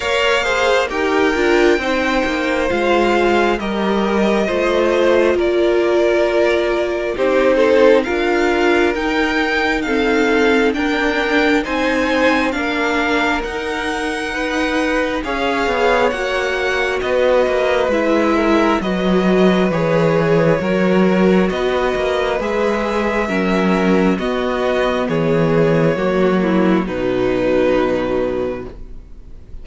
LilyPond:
<<
  \new Staff \with { instrumentName = "violin" } { \time 4/4 \tempo 4 = 67 f''4 g''2 f''4 | dis''2 d''2 | c''4 f''4 g''4 f''4 | g''4 gis''4 f''4 fis''4~ |
fis''4 f''4 fis''4 dis''4 | e''4 dis''4 cis''2 | dis''4 e''2 dis''4 | cis''2 b'2 | }
  \new Staff \with { instrumentName = "violin" } { \time 4/4 cis''8 c''8 ais'4 c''2 | ais'4 c''4 ais'2 | g'8 a'8 ais'2 a'4 | ais'4 c''4 ais'2 |
b'4 cis''2 b'4~ | b'8 ais'8 b'2 ais'4 | b'2 ais'4 fis'4 | gis'4 fis'8 e'8 dis'2 | }
  \new Staff \with { instrumentName = "viola" } { \time 4/4 ais'8 gis'8 g'8 f'8 dis'4 f'4 | g'4 f'2. | dis'4 f'4 dis'4 c'4 | d'4 dis'4 d'4 dis'4~ |
dis'4 gis'4 fis'2 | e'4 fis'4 gis'4 fis'4~ | fis'4 gis'4 cis'4 b4~ | b4 ais4 fis2 | }
  \new Staff \with { instrumentName = "cello" } { \time 4/4 ais4 dis'8 d'8 c'8 ais8 gis4 | g4 a4 ais2 | c'4 d'4 dis'2 | d'4 c'4 ais4 dis'4~ |
dis'4 cis'8 b8 ais4 b8 ais8 | gis4 fis4 e4 fis4 | b8 ais8 gis4 fis4 b4 | e4 fis4 b,2 | }
>>